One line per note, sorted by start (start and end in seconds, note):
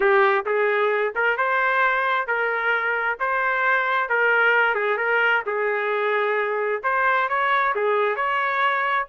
0.00 0.45 G4
0.45 1.14 G#4
1.15 1.37 A#4
1.37 2.27 C5
2.27 3.18 A#4
3.19 4.09 C5
4.09 4.74 A#4
4.74 4.97 G#4
4.97 5.42 A#4
5.45 6.82 G#4
6.83 7.28 C5
7.29 7.74 C#5
7.75 8.15 G#4
8.15 9.06 C#5